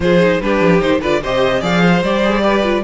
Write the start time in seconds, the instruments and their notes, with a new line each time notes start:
0.00 cello F3, viola F4, violin G#4 C5
0.20 viola D#4
0.41 cello G3, viola D4, violin G4 B4
0.61 cello F3
0.80 cello D#3, viola D#4, violin C5
1.00 cello D3, viola F4, violin B4 D5
1.22 cello C3, viola G4, violin C5 D#5
1.60 cello F3, viola G#4, violin D5 F5
1.80 violin C5
2.02 cello G3, viola G4, violin D5
2.23 viola G#4
2.42 viola G4, violin B4
2.63 viola F4